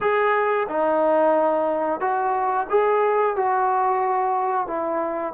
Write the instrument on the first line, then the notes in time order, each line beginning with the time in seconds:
trombone
0.00 G#4
0.68 D#4
2.00 F#4
2.69 G#4
3.35 F#4
4.67 E4